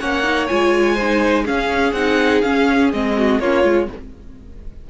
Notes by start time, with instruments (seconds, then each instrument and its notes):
0.00 cello A#3, viola C#4, violin C#5 F#5
0.24 viola D#4
0.48 cello G#3, viola F4, violin G#5
0.95 violin C5
1.02 viola D#4
1.45 viola C#4, cello C#4, violin G#4 F5
1.93 cello C4, viola D#4, violin F#5
2.41 viola C#4, cello C#4, violin F5
2.93 cello G#3, viola C4, violin D#5
3.18 violin F#4
3.40 cello A#3, viola C#4, violin F4 C#5
3.64 cello G#3, viola F4